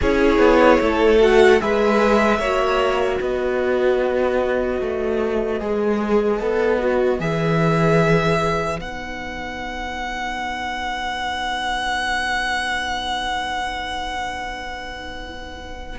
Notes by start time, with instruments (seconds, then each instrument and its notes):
0.01 cello C#4, viola E4, violin G#4 C#5
0.38 cello B3
0.80 cello A3, violin A4
1.19 viola F#4, violin F#5
1.60 cello G#3, viola G#4, violin B4 E5
2.39 cello A#3, viola F#4, violin C#5
3.18 cello B3, violin B4 D#5
4.81 cello A3
5.60 cello G#3, viola G#4
6.39 cello B3, viola A4
6.79 viola F#4
7.19 cello E3, viola G#4, violin E5
8.77 cello B3, viola D#4, violin F#5